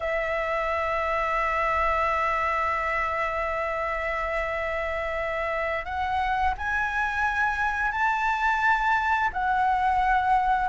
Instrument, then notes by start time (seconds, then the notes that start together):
flute
0.00 E5
5.85 F#5
6.57 G#5
7.91 A5
9.33 F#5